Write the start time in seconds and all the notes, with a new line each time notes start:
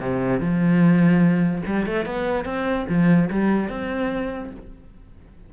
0.00 C3
0.40 F3
1.66 G3
1.86 A3
2.06 B3
2.45 C4
2.89 F3
3.30 G3
3.69 C4